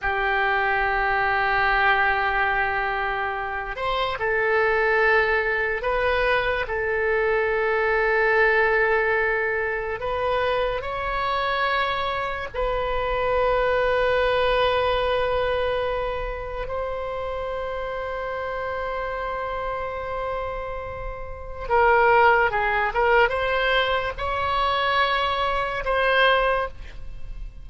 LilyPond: \new Staff \with { instrumentName = "oboe" } { \time 4/4 \tempo 4 = 72 g'1~ | g'8 c''8 a'2 b'4 | a'1 | b'4 cis''2 b'4~ |
b'1 | c''1~ | c''2 ais'4 gis'8 ais'8 | c''4 cis''2 c''4 | }